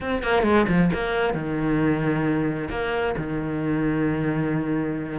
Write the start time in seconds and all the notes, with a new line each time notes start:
0.01 C4
0.23 A#3
0.43 G#3
0.67 F3
0.93 A#3
1.34 D#3
2.70 A#3
3.17 D#3